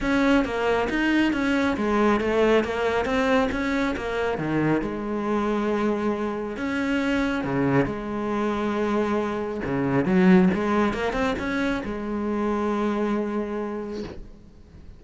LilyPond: \new Staff \with { instrumentName = "cello" } { \time 4/4 \tempo 4 = 137 cis'4 ais4 dis'4 cis'4 | gis4 a4 ais4 c'4 | cis'4 ais4 dis4 gis4~ | gis2. cis'4~ |
cis'4 cis4 gis2~ | gis2 cis4 fis4 | gis4 ais8 c'8 cis'4 gis4~ | gis1 | }